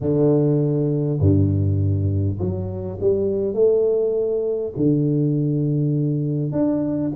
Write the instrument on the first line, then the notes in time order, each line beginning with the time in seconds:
tuba
0.01 D3
1.19 G2
2.39 F#3
3.00 G3
3.53 A3
4.76 D3
6.52 D4